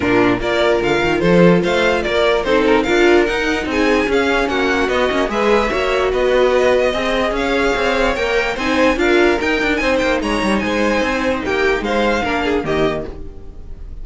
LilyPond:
<<
  \new Staff \with { instrumentName = "violin" } { \time 4/4 \tempo 4 = 147 ais'4 d''4 f''4 c''4 | f''4 d''4 c''8 ais'8 f''4 | fis''4 gis''4 f''4 fis''4 | dis''4 e''2 dis''4~ |
dis''2 f''2 | g''4 gis''4 f''4 g''4 | gis''8 g''8 ais''4 gis''2 | g''4 f''2 dis''4 | }
  \new Staff \with { instrumentName = "violin" } { \time 4/4 f'4 ais'2 a'4 | c''4 ais'4 a'4 ais'4~ | ais'4 gis'2 fis'4~ | fis'4 b'4 cis''4 b'4~ |
b'4 dis''4 cis''2~ | cis''4 c''4 ais'2 | c''4 cis''4 c''2 | g'4 c''4 ais'8 gis'8 g'4 | }
  \new Staff \with { instrumentName = "viola" } { \time 4/4 d'4 f'2.~ | f'2 dis'4 f'4 | dis'2 cis'2 | b8 cis'8 gis'4 fis'2~ |
fis'4 gis'2. | ais'4 dis'4 f'4 dis'4~ | dis'1~ | dis'2 d'4 ais4 | }
  \new Staff \with { instrumentName = "cello" } { \time 4/4 ais,4 ais4 d8 dis8 f4 | a4 ais4 c'4 d'4 | dis'4 c'4 cis'4 ais4 | b8 ais8 gis4 ais4 b4~ |
b4 c'4 cis'4 c'4 | ais4 c'4 d'4 dis'8 d'8 | c'8 ais8 gis8 g8 gis4 c'4 | ais4 gis4 ais4 dis4 | }
>>